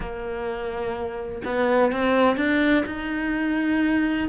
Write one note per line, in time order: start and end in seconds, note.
0.00 1.42 A#3
1.44 1.92 B3
1.92 2.36 C4
2.36 2.84 D4
2.86 4.29 D#4